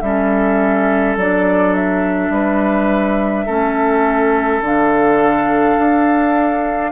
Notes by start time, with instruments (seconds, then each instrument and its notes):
0.00 bassoon G3, clarinet C#4, oboe A4, flute E5
1.16 bassoon F#3, clarinet D4, flute D5
1.74 flute E5
2.29 bassoon G3, oboe B4
3.45 bassoon A3, clarinet C#4, oboe A4
4.61 bassoon D3, clarinet D4, flute F5
5.77 bassoon D4